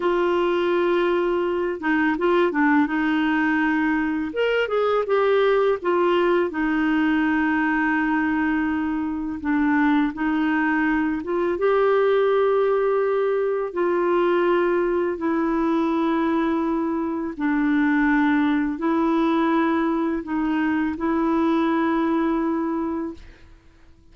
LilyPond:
\new Staff \with { instrumentName = "clarinet" } { \time 4/4 \tempo 4 = 83 f'2~ f'8 dis'8 f'8 d'8 | dis'2 ais'8 gis'8 g'4 | f'4 dis'2.~ | dis'4 d'4 dis'4. f'8 |
g'2. f'4~ | f'4 e'2. | d'2 e'2 | dis'4 e'2. | }